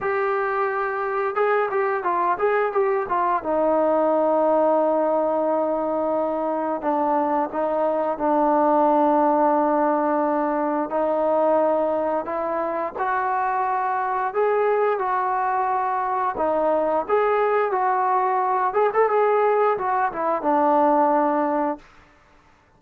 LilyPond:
\new Staff \with { instrumentName = "trombone" } { \time 4/4 \tempo 4 = 88 g'2 gis'8 g'8 f'8 gis'8 | g'8 f'8 dis'2.~ | dis'2 d'4 dis'4 | d'1 |
dis'2 e'4 fis'4~ | fis'4 gis'4 fis'2 | dis'4 gis'4 fis'4. gis'16 a'16 | gis'4 fis'8 e'8 d'2 | }